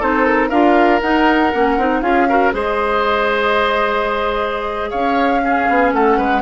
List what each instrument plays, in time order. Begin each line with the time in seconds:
0.00 bassoon C4, clarinet D#4, oboe A4, flute C5
0.25 flute A#4
0.49 bassoon D4, clarinet F4, oboe A#4, flute F5
1.02 clarinet D#4, bassoon D#4, flute F#5
1.54 bassoon A#3, clarinet C#4
1.78 bassoon C4, clarinet D#4
2.01 bassoon C#4, clarinet F4, oboe G#4, flute F5
2.29 clarinet F#4, oboe A#4
2.52 bassoon G#3, clarinet G#4, oboe C5, flute D#5
4.90 bassoon C#4, oboe C#5, flute F5
5.45 clarinet C#4, oboe G#4
5.69 bassoon B3
5.93 bassoon A3, oboe A4, flute F#5
6.18 bassoon G#3, oboe B4